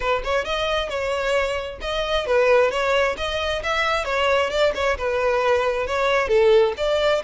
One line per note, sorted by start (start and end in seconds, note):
0.00 0.22 B4
0.24 0.44 C#5
0.44 0.89 D#5
0.89 1.79 C#5
1.81 2.26 D#5
2.26 2.71 B4
2.71 3.16 C#5
3.17 3.62 D#5
3.63 4.05 E5
4.05 4.49 C#5
4.49 4.72 D5
4.74 4.97 C#5
4.97 5.86 B4
5.86 6.27 C#5
6.27 6.73 A4
6.77 7.22 D5